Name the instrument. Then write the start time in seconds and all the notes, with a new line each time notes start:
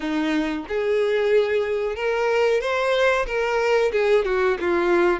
violin
0.00 D#4
0.68 G#4
1.95 A#4
2.61 C5
3.26 A#4
3.92 G#4
4.25 F#4
4.60 F4